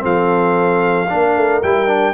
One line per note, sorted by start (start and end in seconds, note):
0.00 1.11 F3
0.00 1.06 C4
0.00 1.09 A4
0.00 1.63 F5
1.10 1.37 A#3
1.10 1.63 D4
1.10 2.14 A#4
1.37 1.63 A3
1.63 2.14 G3
1.63 1.87 E4
1.63 2.14 G5
1.87 2.14 D4